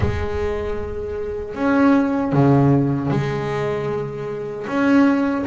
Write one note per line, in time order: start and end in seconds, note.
0.00 1.54 G#3
1.54 2.32 C#4
2.32 3.10 C#3
3.10 4.66 G#3
4.67 5.45 C#4